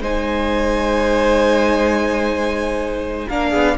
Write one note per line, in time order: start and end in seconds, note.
0.00 3.27 G#3
0.00 3.30 D#4
0.00 3.29 C5
0.00 3.29 G#5
3.29 3.54 A#3
3.29 3.78 D4
3.29 3.50 A#4
3.29 3.78 F5
3.50 3.78 B3
3.50 3.75 G#4